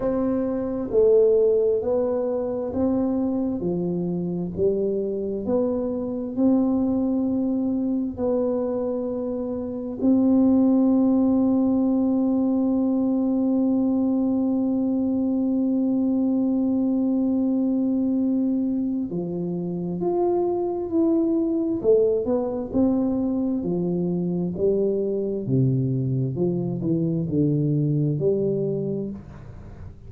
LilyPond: \new Staff \with { instrumentName = "tuba" } { \time 4/4 \tempo 4 = 66 c'4 a4 b4 c'4 | f4 g4 b4 c'4~ | c'4 b2 c'4~ | c'1~ |
c'1~ | c'4 f4 f'4 e'4 | a8 b8 c'4 f4 g4 | c4 f8 e8 d4 g4 | }